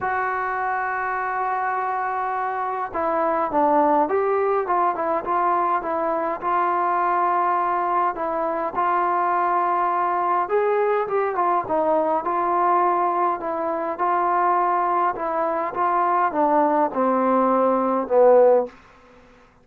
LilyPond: \new Staff \with { instrumentName = "trombone" } { \time 4/4 \tempo 4 = 103 fis'1~ | fis'4 e'4 d'4 g'4 | f'8 e'8 f'4 e'4 f'4~ | f'2 e'4 f'4~ |
f'2 gis'4 g'8 f'8 | dis'4 f'2 e'4 | f'2 e'4 f'4 | d'4 c'2 b4 | }